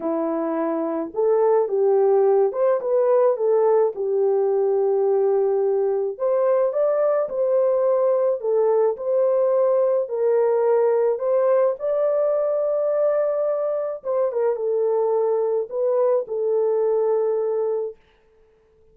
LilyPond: \new Staff \with { instrumentName = "horn" } { \time 4/4 \tempo 4 = 107 e'2 a'4 g'4~ | g'8 c''8 b'4 a'4 g'4~ | g'2. c''4 | d''4 c''2 a'4 |
c''2 ais'2 | c''4 d''2.~ | d''4 c''8 ais'8 a'2 | b'4 a'2. | }